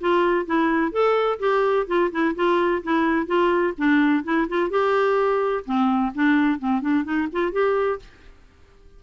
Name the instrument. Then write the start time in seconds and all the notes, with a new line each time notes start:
clarinet
0.00 F4
0.46 E4
0.91 A4
1.39 G4
1.87 F4
2.11 E4
2.35 F4
2.83 E4
3.26 F4
3.78 D4
4.23 E4
4.49 F4
4.70 G4
5.65 C4
6.15 D4
6.59 C4
6.81 D4
7.04 D#4
7.32 F4
7.52 G4